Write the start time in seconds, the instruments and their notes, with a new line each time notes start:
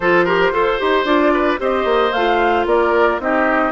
0.00 bassoon F3, clarinet F4, oboe A4, flute C5
0.25 clarinet G4, oboe A#4
0.51 bassoon F4, clarinet A4, oboe C5
0.79 bassoon D#4, clarinet G4
1.04 bassoon D4, clarinet F4, flute D5
1.33 oboe B4
1.58 bassoon C4, clarinet G4, oboe C5, flute D#5
1.84 bassoon A#3
2.12 bassoon A3, clarinet F4, flute F5
2.65 bassoon A#3, oboe A#4, flute D5
3.18 bassoon C4, clarinet D#4, oboe G4, flute D#5